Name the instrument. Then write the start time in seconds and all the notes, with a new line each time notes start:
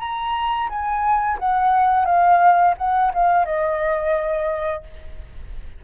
flute
0.00 A#5
0.70 G#5
1.39 F#5
2.06 F5
2.78 F#5
3.15 F5
3.46 D#5